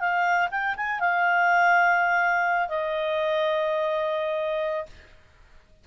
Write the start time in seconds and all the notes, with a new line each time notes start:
0.00 F5
0.51 G5
0.77 G#5
1.00 F5
2.69 D#5